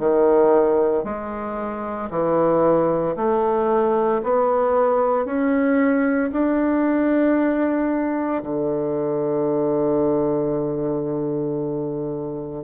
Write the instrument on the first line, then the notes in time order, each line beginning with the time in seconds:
bassoon
0.00 D#3
1.05 G#3
2.11 E3
3.17 A3
4.24 B3
5.26 C#4
6.33 D4
8.44 D3